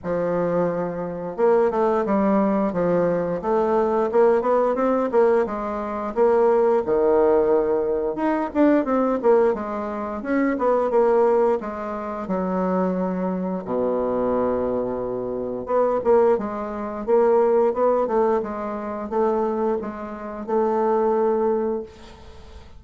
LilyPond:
\new Staff \with { instrumentName = "bassoon" } { \time 4/4 \tempo 4 = 88 f2 ais8 a8 g4 | f4 a4 ais8 b8 c'8 ais8 | gis4 ais4 dis2 | dis'8 d'8 c'8 ais8 gis4 cis'8 b8 |
ais4 gis4 fis2 | b,2. b8 ais8 | gis4 ais4 b8 a8 gis4 | a4 gis4 a2 | }